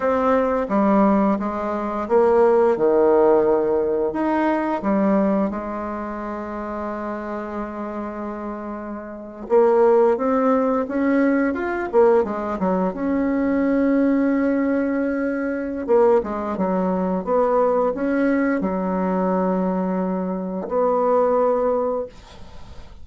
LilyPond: \new Staff \with { instrumentName = "bassoon" } { \time 4/4 \tempo 4 = 87 c'4 g4 gis4 ais4 | dis2 dis'4 g4 | gis1~ | gis4.~ gis16 ais4 c'4 cis'16~ |
cis'8. f'8 ais8 gis8 fis8 cis'4~ cis'16~ | cis'2. ais8 gis8 | fis4 b4 cis'4 fis4~ | fis2 b2 | }